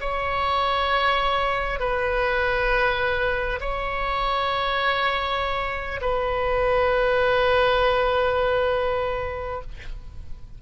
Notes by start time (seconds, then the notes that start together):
0.00 C#5
1.79 B4
3.60 C#5
6.01 B4